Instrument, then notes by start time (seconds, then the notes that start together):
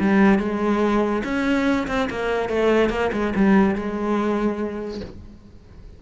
cello
0.00 G3
0.39 G#3
1.24 C#4
1.88 C4
2.10 A#3
2.49 A3
2.90 A#3
3.13 G#3
3.35 G3
3.75 G#3